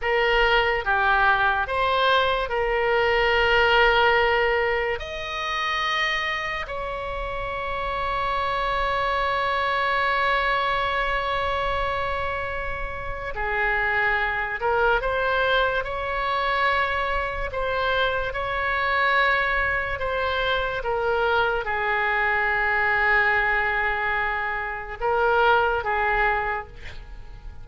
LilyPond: \new Staff \with { instrumentName = "oboe" } { \time 4/4 \tempo 4 = 72 ais'4 g'4 c''4 ais'4~ | ais'2 dis''2 | cis''1~ | cis''1 |
gis'4. ais'8 c''4 cis''4~ | cis''4 c''4 cis''2 | c''4 ais'4 gis'2~ | gis'2 ais'4 gis'4 | }